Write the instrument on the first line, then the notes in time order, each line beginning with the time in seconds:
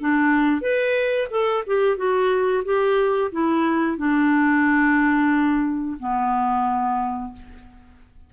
clarinet
0.00 D4
0.61 B4
1.31 A4
1.66 G4
1.97 F#4
2.64 G4
3.32 E4
3.97 D4
5.99 B3